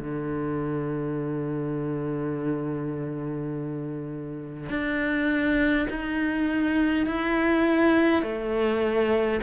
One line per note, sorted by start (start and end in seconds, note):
0.00 4.70 D3
4.70 5.87 D4
5.90 7.06 D#4
7.06 8.23 E4
8.23 9.41 A3